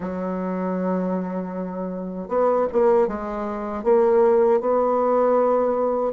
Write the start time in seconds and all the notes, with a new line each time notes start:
0.00 F#3
2.28 B3
2.72 A#3
3.07 G#3
3.83 A#3
4.60 B3